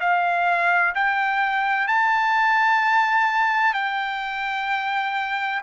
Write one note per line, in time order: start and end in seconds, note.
0.00 0.94 F5
0.95 1.87 G5
1.87 3.74 A5
3.74 5.61 G5